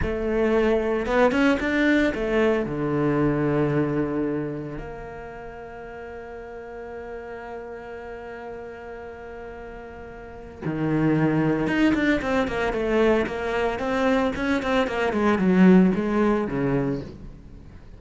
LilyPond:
\new Staff \with { instrumentName = "cello" } { \time 4/4 \tempo 4 = 113 a2 b8 cis'8 d'4 | a4 d2.~ | d4 ais2.~ | ais1~ |
ais1 | dis2 dis'8 d'8 c'8 ais8 | a4 ais4 c'4 cis'8 c'8 | ais8 gis8 fis4 gis4 cis4 | }